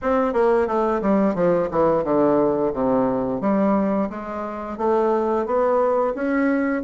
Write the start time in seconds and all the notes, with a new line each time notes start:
0.02 C4
0.33 A#3
0.67 A3
1.01 G3
1.34 F3
1.70 E3
2.04 D3
2.73 C3
3.41 G3
4.09 G#3
4.77 A3
5.45 B3
6.14 C#4